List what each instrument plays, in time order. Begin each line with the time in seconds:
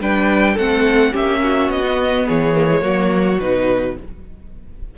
0.00 cello G3, viola D4, violin B4 G5
0.54 cello A3, viola C4, violin A4 F#5
1.11 cello A#3, viola C#4, violin G4 E5
1.43 violin F#4
1.68 cello B3, violin D#5
1.88 viola B3
2.26 cello E3, violin G#4 C#5
2.55 viola A#3
2.69 viola G#3
2.81 cello F#3, viola A#3, violin F#4
3.39 cello B2, viola D#4, violin B4